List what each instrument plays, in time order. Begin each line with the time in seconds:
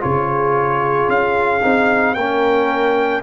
0.00 tuba C#3, trombone F4, horn G#4, trumpet C#5
1.08 tuba C#4, trumpet F5
1.62 tuba C4, trombone D#4
2.15 tuba A#3, trombone C#4, horn A#4, trumpet G5